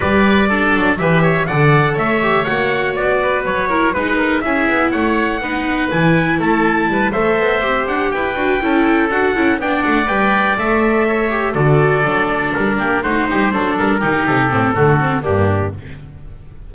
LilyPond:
<<
  \new Staff \with { instrumentName = "trumpet" } { \time 4/4 \tempo 4 = 122 d''2 e''4 fis''4 | e''4 fis''4 d''4 cis''4 | b'4 e''4 fis''2 | gis''4 a''4. e''4. |
fis''8 g''2 fis''4 g''8 | fis''8 g''4 e''2 d''8~ | d''4. ais'4 c''4. | ais'4 a'2 g'4 | }
  \new Staff \with { instrumentName = "oboe" } { \time 4/4 b'4 a'4 b'8 cis''8 d''4 | cis''2~ cis''8 b'4 ais'8 | b'8 ais'8 gis'4 cis''4 b'4~ | b'4 a'4 b'8 c''4.~ |
c''8 b'4 a'2 d''8~ | d''2~ d''8 cis''4 a'8~ | a'2 g'8 fis'8 g'8 a'8~ | a'8 g'4. fis'4 d'4 | }
  \new Staff \with { instrumentName = "viola" } { \time 4/4 g'4 d'4 g'4 a'4~ | a'8 g'8 fis'2~ fis'8 e'8 | dis'4 e'2 dis'4 | e'2~ e'8 a'4 g'8~ |
g'4 fis'8 e'4 fis'8 e'8 d'8~ | d'8 b'4 a'4. g'8 fis'8~ | fis'8 d'2 dis'4 d'8~ | d'8 dis'4 c'8 a8 c'8 ais4 | }
  \new Staff \with { instrumentName = "double bass" } { \time 4/4 g4. fis8 e4 d4 | a4 ais4 b4 fis4 | gis4 cis'8 b8 a4 b4 | e4 a4 g8 a8 b8 c'8 |
d'8 e'8 d'8 cis'4 d'8 cis'8 b8 | a8 g4 a2 d8~ | d8 fis4 g8 ais8 a8 g8 fis8 | g8 dis8 c8 a,8 d4 g,4 | }
>>